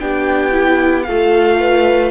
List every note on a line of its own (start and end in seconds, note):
0.00 1.08 B3
0.00 0.52 D4
0.00 1.08 G4
0.00 1.04 G5
0.52 1.05 E4
1.04 2.11 A3
1.04 2.11 F4
1.04 1.61 A4
1.04 2.11 F5
1.61 2.11 B4